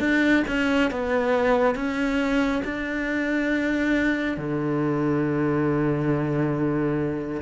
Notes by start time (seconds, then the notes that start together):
0.00 D4
0.48 C#4
0.91 B3
1.75 C#4
2.65 D4
4.38 D3